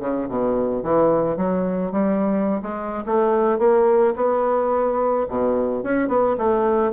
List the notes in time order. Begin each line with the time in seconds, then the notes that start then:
0.00 C#3
0.29 B2
0.83 E3
1.37 F#3
1.92 G3
2.62 G#3
3.06 A3
3.59 A#3
4.16 B3
5.29 B2
5.84 C#4
6.09 B3
6.38 A3